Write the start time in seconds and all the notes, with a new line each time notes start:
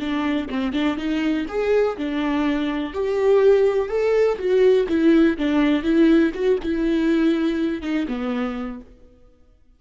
0.00 D4
0.49 C4
0.73 D4
0.97 D#4
1.48 G#4
1.97 D4
2.93 G4
3.89 A4
4.38 F#4
4.89 E4
5.38 D4
5.83 E4
6.34 F#4
6.63 E4
7.82 D#4
8.08 B3